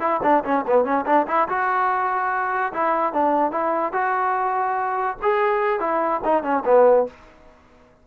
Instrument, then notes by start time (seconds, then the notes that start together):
trombone
0.00 E4
0.23 D4
0.44 C#4
0.67 B3
0.85 C#4
1.06 D4
1.28 E4
1.49 F#4
2.73 E4
3.13 D4
3.52 E4
3.93 F#4
5.22 G#4
5.80 E4
6.24 D#4
6.43 C#4
6.65 B3